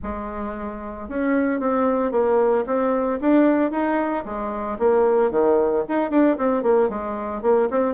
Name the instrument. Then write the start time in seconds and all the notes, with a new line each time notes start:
bassoon
0.02 G#3
1.09 C#4
1.60 C4
2.11 A#3
2.66 C4
3.21 D4
3.71 D#4
4.25 G#3
4.78 A#3
5.30 D#3
5.88 D#4
6.10 D4
6.37 C4
6.62 A#3
6.89 G#3
7.42 A#3
7.70 C4